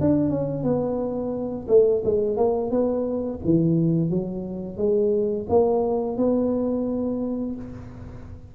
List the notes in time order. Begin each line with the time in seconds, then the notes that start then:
0.00 D4
0.30 C#4
0.63 B3
1.68 A3
2.04 G#3
2.36 A#3
2.70 B3
3.44 E3
4.10 F#3
4.77 G#3
5.49 A#3
6.17 B3